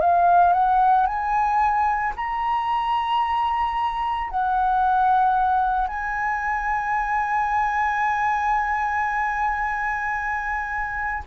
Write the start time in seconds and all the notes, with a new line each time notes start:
0.00 F5
0.53 F#5
1.06 G#5
2.16 A#5
4.30 F#5
5.87 G#5